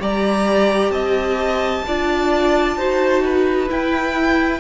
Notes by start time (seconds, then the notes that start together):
0.00 G3 G4 D5 A#5
0.91 C4 D#5 A5
1.87 D4 F4 D5
2.77 D#4 F#4 C5
3.24 B4
3.68 E4 G5